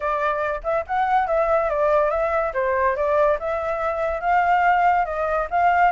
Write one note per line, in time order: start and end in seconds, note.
0.00 0.60 D5
0.63 0.85 E5
0.86 1.27 F#5
1.27 1.69 E5
1.69 2.10 D5
2.10 2.52 E5
2.53 2.96 C5
2.96 3.38 D5
3.39 4.20 E5
4.20 5.05 F5
5.05 5.47 D#5
5.50 5.92 F5